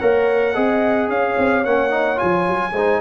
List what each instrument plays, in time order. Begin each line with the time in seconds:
0.00 tuba A#3, trombone A#4, horn C#5, trumpet F#5
0.55 tuba C4, trombone G#4, horn D#5
1.09 tuba C#4, horn C#5, trumpet F5
1.38 tuba C4
1.65 tuba A#3, trombone C#4, trumpet F#5
1.91 trombone D#4
2.16 trombone F4, trumpet G#5
2.23 tuba F3
2.48 tuba F#3
2.73 tuba G#3, trombone D#4, horn C5